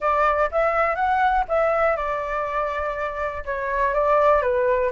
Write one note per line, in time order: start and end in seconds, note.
0.00 0.50 D5
0.51 0.95 E5
0.95 1.44 F#5
1.48 1.96 E5
1.96 3.44 D5
3.45 3.93 C#5
3.93 4.42 D5
4.42 4.91 B4